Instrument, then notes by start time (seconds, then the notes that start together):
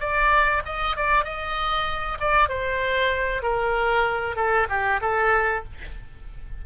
oboe
0.00 D5
0.65 D#5
0.97 D5
1.24 D#5
2.20 D5
2.49 C5
3.42 A#4
4.36 A4
4.69 G4
5.01 A4